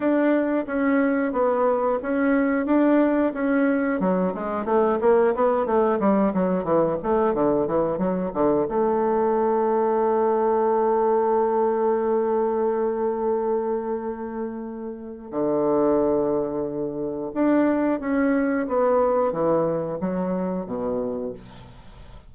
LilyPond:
\new Staff \with { instrumentName = "bassoon" } { \time 4/4 \tempo 4 = 90 d'4 cis'4 b4 cis'4 | d'4 cis'4 fis8 gis8 a8 ais8 | b8 a8 g8 fis8 e8 a8 d8 e8 | fis8 d8 a2.~ |
a1~ | a2. d4~ | d2 d'4 cis'4 | b4 e4 fis4 b,4 | }